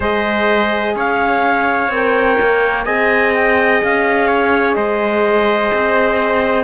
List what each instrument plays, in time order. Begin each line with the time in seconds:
0.00 cello G#3, horn G#4, trumpet C5, clarinet D#5
0.95 cello C#4, trumpet C#5, clarinet F5
1.88 cello C4, horn A#4, clarinet G5
2.41 cello A#3
2.85 cello C4, horn G#4, trumpet D#5, clarinet G#5
3.34 clarinet G5
3.83 cello C#4, clarinet F5
4.27 trumpet C#5
4.74 cello G#3, trumpet C5, clarinet D#5
5.73 cello C4